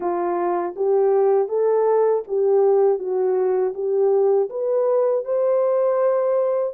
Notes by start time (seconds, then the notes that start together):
0.00 F4
0.76 G4
1.48 A4
2.27 G4
2.98 F#4
3.74 G4
4.49 B4
5.24 C5